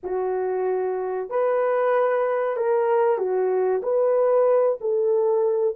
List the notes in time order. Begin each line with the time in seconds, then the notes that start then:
0.03 F#4
1.29 B4
2.56 A#4
3.17 F#4
3.82 B4
4.80 A4